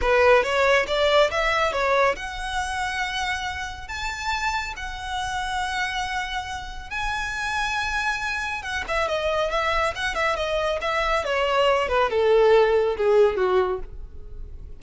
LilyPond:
\new Staff \with { instrumentName = "violin" } { \time 4/4 \tempo 4 = 139 b'4 cis''4 d''4 e''4 | cis''4 fis''2.~ | fis''4 a''2 fis''4~ | fis''1 |
gis''1 | fis''8 e''8 dis''4 e''4 fis''8 e''8 | dis''4 e''4 cis''4. b'8 | a'2 gis'4 fis'4 | }